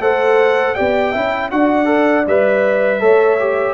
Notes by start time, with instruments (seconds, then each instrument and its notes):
0.00 tuba A3, trombone A4, horn C5, trumpet F#5
0.75 tuba B3, trombone G4, horn D5, trumpet G5
1.11 tuba C#4, trombone E4, horn E5
1.51 tuba D4, trombone F#4, horn D5, trumpet F#5
1.86 trombone A4
2.27 tuba G3, trombone B4, trumpet E5
3.00 tuba A3, trombone A4, horn C#5
3.40 trombone G4